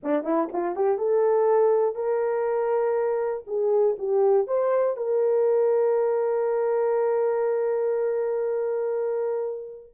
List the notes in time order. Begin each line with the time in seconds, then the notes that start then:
0.03 D4
0.23 E4
0.52 F4
0.75 G4
0.98 A4
1.95 A#4
3.46 G#4
3.98 G4
4.47 C5
4.96 A#4